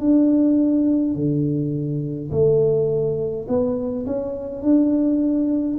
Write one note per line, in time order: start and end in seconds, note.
0.00 1.15 D4
1.15 2.30 D3
2.31 3.46 A3
3.48 4.05 B3
4.06 4.62 C#4
4.62 5.77 D4